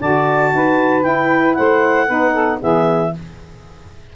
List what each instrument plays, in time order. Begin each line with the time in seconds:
0.00 tuba D3, saxophone F#4 D5, clarinet A5
0.53 tuba D#4, saxophone B4
1.02 saxophone E4, tuba E4, clarinet G5
1.54 tuba A3, saxophone C5, clarinet F#5
2.06 tuba B3, saxophone D#4 B4
2.33 saxophone A4
2.60 tuba E3, saxophone B3 G#4, clarinet E5